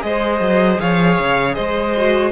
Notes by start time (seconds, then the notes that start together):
0.00 G#3 G#4 C5 D#5
0.40 F#3
0.80 F3 C#5 F5
1.19 C#3
1.55 G#3 C5 D#5
1.97 F#4